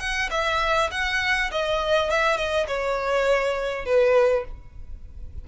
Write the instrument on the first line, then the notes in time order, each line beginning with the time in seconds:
violin
0.00 F#5
0.31 E5
0.92 F#5
1.51 D#5
2.10 E5
2.37 D#5
2.68 C#5
3.86 B4